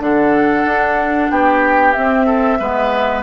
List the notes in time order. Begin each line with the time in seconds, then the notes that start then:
0.00 D3 D4 A4 F#5
0.65 D4
1.31 B3 G4 G5
1.93 C4 E5
2.26 A4
2.60 G#3 B3 B4